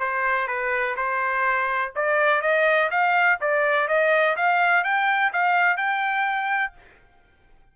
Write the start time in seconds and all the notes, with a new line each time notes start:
0.00 C5
0.48 B4
0.97 C5
1.96 D5
2.42 D#5
2.91 F5
3.41 D5
3.88 D#5
4.37 F5
4.84 G5
5.33 F5
5.77 G5